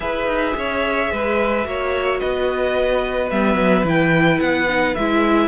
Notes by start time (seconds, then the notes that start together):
0.00 E4 G#4 B4 E5
0.26 D#4
0.56 C#4 C#5
1.12 G#3 B4
1.64 A#3 F#4 C#5
2.19 B3 B4 D#5
3.30 G3 B3 E5
3.54 F#3
3.84 E3 E4 G5
4.40 B3 F#5
4.68 D#4
4.94 G#3 E4 E5